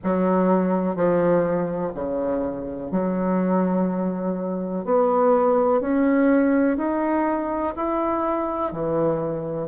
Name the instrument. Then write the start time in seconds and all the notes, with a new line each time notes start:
bassoon
0.03 F#3
0.95 F3
1.94 C#3
2.91 F#3
4.84 B3
5.81 C#4
6.77 D#4
7.76 E4
8.72 E3